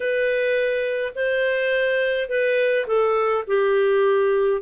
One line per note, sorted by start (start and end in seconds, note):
0.00 1.12 B4
1.15 2.28 C5
2.28 2.86 B4
2.86 3.44 A4
3.47 4.62 G4